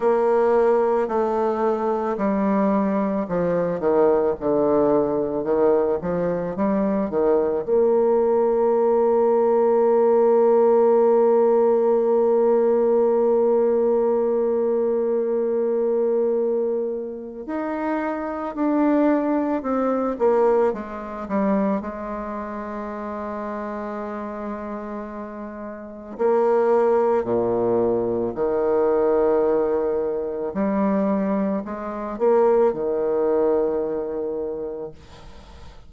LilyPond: \new Staff \with { instrumentName = "bassoon" } { \time 4/4 \tempo 4 = 55 ais4 a4 g4 f8 dis8 | d4 dis8 f8 g8 dis8 ais4~ | ais1~ | ais1 |
dis'4 d'4 c'8 ais8 gis8 g8 | gis1 | ais4 ais,4 dis2 | g4 gis8 ais8 dis2 | }